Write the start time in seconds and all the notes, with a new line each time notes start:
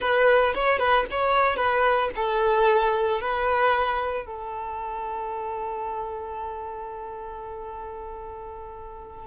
0.00 B4
0.54 C#5
0.78 B4
1.10 C#5
1.56 B4
2.15 A4
3.21 B4
4.26 A4